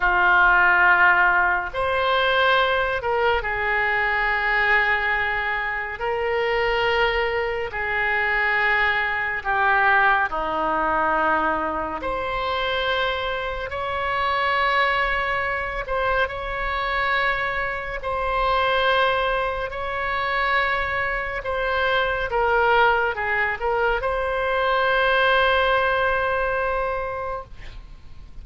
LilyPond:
\new Staff \with { instrumentName = "oboe" } { \time 4/4 \tempo 4 = 70 f'2 c''4. ais'8 | gis'2. ais'4~ | ais'4 gis'2 g'4 | dis'2 c''2 |
cis''2~ cis''8 c''8 cis''4~ | cis''4 c''2 cis''4~ | cis''4 c''4 ais'4 gis'8 ais'8 | c''1 | }